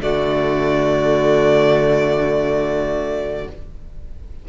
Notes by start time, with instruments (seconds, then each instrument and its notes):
0.00 cello D3, viola A3, violin F#4 D5